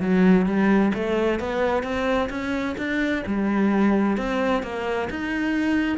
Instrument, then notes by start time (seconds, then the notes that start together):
cello
0.00 F#3
0.46 G3
0.94 A3
1.39 B3
1.83 C4
2.29 C#4
2.77 D4
3.26 G3
4.17 C4
4.62 A#3
5.09 D#4